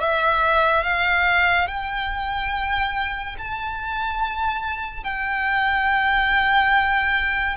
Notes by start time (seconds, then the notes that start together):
0.00 E5
0.83 F5
1.67 G5
3.38 A5
5.04 G5